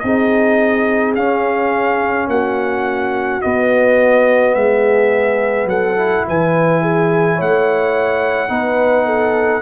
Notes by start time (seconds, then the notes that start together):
0.00 C4 D#4 G#4 D#5
1.16 C#4 F5
2.28 A#3 F#4 F#5
3.42 B3 D#5
4.55 G#3 G#4 E5
5.66 F#3 A4 F#5
5.97 E4
6.28 E3 B4 G#5
6.82 G#4
7.36 A3 C#5 F#5
8.49 B3 D#4 B4
9.06 A4